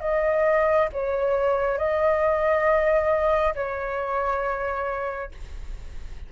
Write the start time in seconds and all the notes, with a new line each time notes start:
0.00 D#5
0.92 C#5
1.77 D#5
3.55 C#5